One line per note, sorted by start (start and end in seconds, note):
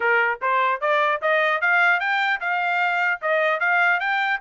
0.00 0.40 A#4
0.41 0.81 C5
0.81 1.21 D5
1.21 1.61 D#5
1.61 2.00 F5
2.00 2.40 G5
2.40 3.20 F5
3.21 3.60 D#5
3.60 4.00 F5
4.00 4.40 G5